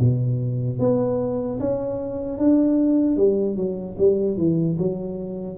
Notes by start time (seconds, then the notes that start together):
0.00 B2
0.79 B3
1.60 C#4
2.39 D4
3.17 G3
3.57 F#3
3.99 G3
4.37 E3
4.79 F#3